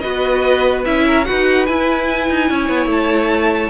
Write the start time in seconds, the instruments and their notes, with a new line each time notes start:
0.00 cello B3, viola F#4, violin B4 D#5
0.85 cello C#4, viola E4, violin E5
1.07 violin A#4
1.25 viola F#4, violin B4 F#5
1.31 cello D#4
1.66 cello E4, viola E4, violin G#5
2.29 cello D#4
2.50 cello C#4, violin C#5
2.69 cello B3
2.86 cello A3, violin A5